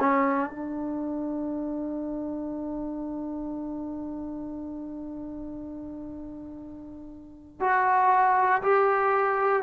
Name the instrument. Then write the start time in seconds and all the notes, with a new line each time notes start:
trombone
0.00 C#4
0.50 D4
7.61 F#4
8.63 G4